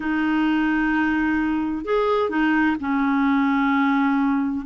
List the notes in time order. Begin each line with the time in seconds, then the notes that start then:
0.00 D#4
1.84 G#4
2.29 D#4
2.80 C#4